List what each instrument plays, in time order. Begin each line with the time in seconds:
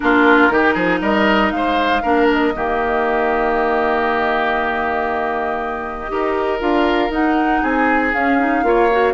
0.00 bassoon A#3, clarinet D4, oboe F4, flute A#4
0.49 bassoon D#3, clarinet D#4, oboe G4
0.73 bassoon F3, oboe G#4
1.01 bassoon G3, oboe A#4, flute D#5
1.51 bassoon G#3, oboe C5, flute F5
2.02 bassoon A#3, clarinet D4, oboe A#4
2.31 flute D#5
2.55 bassoon D#3, clarinet A#3, oboe G4
6.08 bassoon D#4, clarinet G4, oboe A#4
6.59 bassoon D4, clarinet F4, flute F5
7.09 bassoon D#4, clarinet D#4, flute F#5
7.61 bassoon C4, oboe G#4, flute G#5
8.13 bassoon C#4, clarinet C#4, flute F5
8.39 clarinet D#4
8.62 bassoon A#3, clarinet F4, oboe C#5
8.91 clarinet F#4